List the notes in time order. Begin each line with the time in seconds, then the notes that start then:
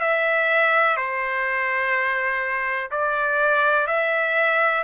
0.00 E5
0.96 C5
2.91 D5
3.87 E5